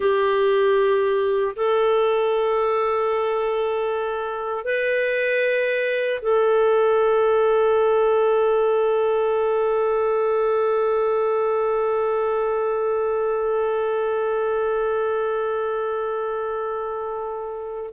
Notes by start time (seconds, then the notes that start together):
0.00 G4
1.56 A4
4.64 B4
6.21 A4